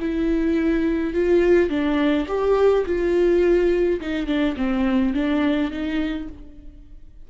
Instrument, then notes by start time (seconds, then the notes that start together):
viola
0.00 E4
1.14 F4
1.70 D4
2.28 G4
2.86 F4
4.01 D#4
4.27 D4
4.57 C4
5.14 D4
5.71 D#4